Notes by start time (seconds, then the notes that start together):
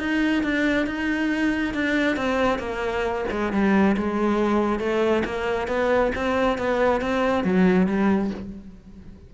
0.00 D#4
0.44 D4
0.87 D#4
1.75 D4
2.17 C4
2.59 A#3
3.31 G#3
3.53 G3
3.97 G#3
4.80 A3
5.25 A#3
5.68 B3
6.16 C4
6.59 B3
7.02 C4
7.45 F#3
7.87 G3